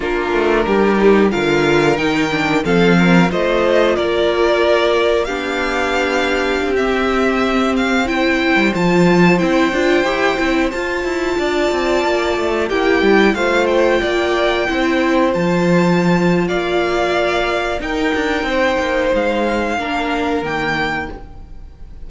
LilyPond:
<<
  \new Staff \with { instrumentName = "violin" } { \time 4/4 \tempo 4 = 91 ais'2 f''4 g''4 | f''4 dis''4 d''2 | f''2~ f''16 e''4. f''16~ | f''16 g''4 a''4 g''4.~ g''16~ |
g''16 a''2. g''8.~ | g''16 f''8 g''2~ g''8 a''8.~ | a''4 f''2 g''4~ | g''4 f''2 g''4 | }
  \new Staff \with { instrumentName = "violin" } { \time 4/4 f'4 g'4 ais'2 | a'8 ais'8 c''4 ais'2 | g'1~ | g'16 c''2.~ c''8.~ |
c''4~ c''16 d''2 g'8.~ | g'16 c''4 d''4 c''4.~ c''16~ | c''4 d''2 ais'4 | c''2 ais'2 | }
  \new Staff \with { instrumentName = "viola" } { \time 4/4 d'4. dis'8 f'4 dis'8 d'8 | c'4 f'2. | d'2~ d'16 c'4.~ c'16~ | c'16 e'4 f'4 e'8 f'8 g'8 e'16~ |
e'16 f'2. e'8.~ | e'16 f'2 e'4 f'8.~ | f'2. dis'4~ | dis'2 d'4 ais4 | }
  \new Staff \with { instrumentName = "cello" } { \time 4/4 ais8 a8 g4 d4 dis4 | f4 a4 ais2 | b2 c'2~ | c'4 g16 f4 c'8 d'8 e'8 c'16~ |
c'16 f'8 e'8 d'8 c'8 ais8 a8 ais8 g16~ | g16 a4 ais4 c'4 f8.~ | f4 ais2 dis'8 d'8 | c'8 ais8 gis4 ais4 dis4 | }
>>